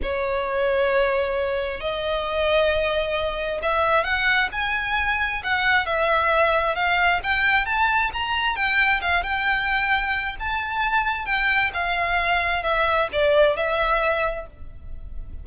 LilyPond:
\new Staff \with { instrumentName = "violin" } { \time 4/4 \tempo 4 = 133 cis''1 | dis''1 | e''4 fis''4 gis''2 | fis''4 e''2 f''4 |
g''4 a''4 ais''4 g''4 | f''8 g''2~ g''8 a''4~ | a''4 g''4 f''2 | e''4 d''4 e''2 | }